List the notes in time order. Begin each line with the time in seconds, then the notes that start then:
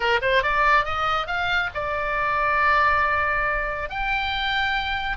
0.00 A#4
0.21 C5
0.42 D5
0.84 D#5
1.27 F5
1.74 D5
3.89 G5